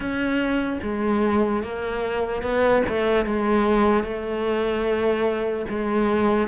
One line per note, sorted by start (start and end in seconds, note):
0.00 0.79 C#4
0.82 1.63 G#3
1.63 2.42 A#3
2.42 2.82 B3
2.88 3.25 A3
3.25 4.03 G#3
4.03 5.65 A3
5.69 6.48 G#3